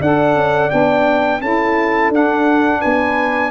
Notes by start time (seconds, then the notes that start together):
0.00 D4 A4 D5 F#5
0.35 C#4
0.69 B3 D4 G5
1.40 C#4 E4 A4 A5
2.10 D4 F#5
2.81 B3 B4 G#5